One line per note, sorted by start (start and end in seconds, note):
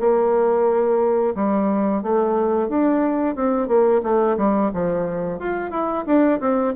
0.00 1.35 A#3
1.35 2.03 G3
2.03 2.69 A3
2.69 3.36 D4
3.36 3.68 C4
3.68 4.01 A#3
4.03 4.37 A3
4.38 4.71 G3
4.74 5.39 F3
5.39 5.71 F4
5.71 6.05 E4
6.06 6.40 D4
6.40 6.74 C4